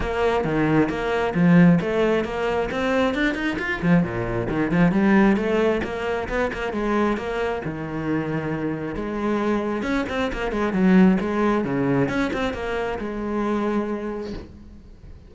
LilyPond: \new Staff \with { instrumentName = "cello" } { \time 4/4 \tempo 4 = 134 ais4 dis4 ais4 f4 | a4 ais4 c'4 d'8 dis'8 | f'8 f8 ais,4 dis8 f8 g4 | a4 ais4 b8 ais8 gis4 |
ais4 dis2. | gis2 cis'8 c'8 ais8 gis8 | fis4 gis4 cis4 cis'8 c'8 | ais4 gis2. | }